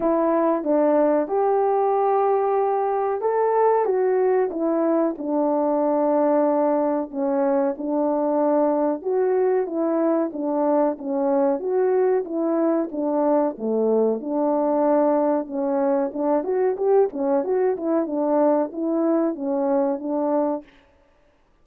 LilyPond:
\new Staff \with { instrumentName = "horn" } { \time 4/4 \tempo 4 = 93 e'4 d'4 g'2~ | g'4 a'4 fis'4 e'4 | d'2. cis'4 | d'2 fis'4 e'4 |
d'4 cis'4 fis'4 e'4 | d'4 a4 d'2 | cis'4 d'8 fis'8 g'8 cis'8 fis'8 e'8 | d'4 e'4 cis'4 d'4 | }